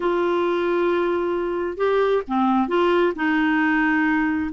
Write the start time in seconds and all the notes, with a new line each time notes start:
0.00 F4
1.77 G4
2.27 C4
2.68 F4
3.15 D#4